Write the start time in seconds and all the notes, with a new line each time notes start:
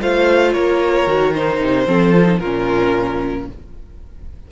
0.00 A3 F4 C5 F5
0.53 A#3 A#4 C#5
1.07 D#3 F#4
1.34 D#4 C5
1.60 C3
1.87 F3 C4 A4
2.14 F4
2.24 D#4
2.39 A#2 C#4 F4 A#4